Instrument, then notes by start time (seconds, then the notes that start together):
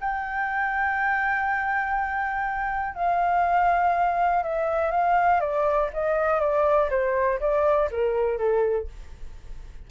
flute
0.00 G5
2.94 F5
4.43 E5
4.91 F5
5.40 D5
5.93 D#5
6.39 D5
6.89 C5
7.40 D5
7.91 A#4
8.38 A4